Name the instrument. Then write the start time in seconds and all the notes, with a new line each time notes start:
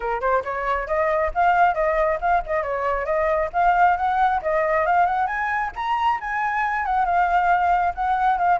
flute
0.00 A#4
0.21 C5
0.44 C#5
0.87 D#5
1.34 F5
1.74 D#5
2.20 F5
2.46 D#5
2.62 C#5
3.05 D#5
3.53 F5
3.97 F#5
4.42 D#5
4.86 F5
5.06 F#5
5.27 G#5
5.75 A#5
6.20 G#5
6.85 F#5
7.05 F5
7.94 F#5
8.38 F5